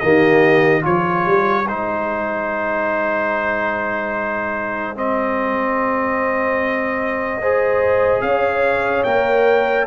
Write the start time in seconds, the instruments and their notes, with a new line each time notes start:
0.00 tuba D#3, trombone A#3, horn G4, trumpet D#5
0.82 tuba F3, trombone F4, horn G#4, trumpet C#5
1.26 tuba G3
1.66 tuba G#3, trombone D#4, trumpet C5
4.96 trombone C4, trumpet D#5
7.41 trombone G#4, horn C5
8.22 tuba C#4, horn C#5, trumpet F5
9.04 tuba A#3, trombone A#4, trumpet G5